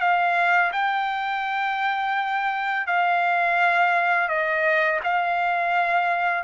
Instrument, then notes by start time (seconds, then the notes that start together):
trumpet
0.00 F5
0.72 G5
2.87 F5
4.28 D#5
5.03 F5